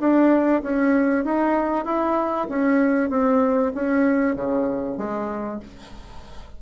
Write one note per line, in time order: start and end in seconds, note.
0.00 0.62 D4
0.63 1.25 C#4
1.25 1.85 D#4
1.85 2.48 E4
2.49 3.10 C#4
3.10 3.72 C4
3.75 4.36 C#4
4.36 4.98 C#3
4.98 5.60 G#3